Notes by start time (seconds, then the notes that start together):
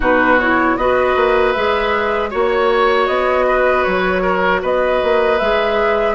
0.00 B2 D#4 F#4 B4
0.39 E4 C#5
0.76 B3 F#4 B4 D#5
1.15 A#3
1.53 G#3 G#4 E5
2.30 A#3 F#4 C#5
3.06 B3 D#5
3.46 B4
3.83 F#3 C#5
4.22 A#4
4.62 B3 B4 D#5
5.03 A#3
5.38 G#3 G#4 E5